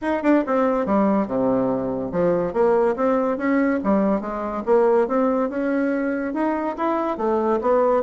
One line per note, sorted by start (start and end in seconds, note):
0.01 0.22 D#4
0.22 0.44 D4
0.46 0.86 C4
0.86 1.27 G3
1.27 2.11 C3
2.11 2.53 F3
2.53 2.95 A#3
2.96 3.37 C4
3.37 3.79 C#4
3.83 4.20 G3
4.20 4.63 G#3
4.65 5.07 A#3
5.07 5.49 C4
5.49 6.33 C#4
6.33 6.76 D#4
6.76 7.17 E4
7.17 7.59 A3
7.61 8.03 B3